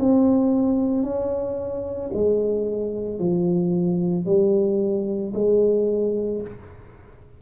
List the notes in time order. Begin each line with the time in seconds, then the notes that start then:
0.00 C4
1.04 C#4
2.14 G#3
3.20 F3
4.26 G3
5.34 G#3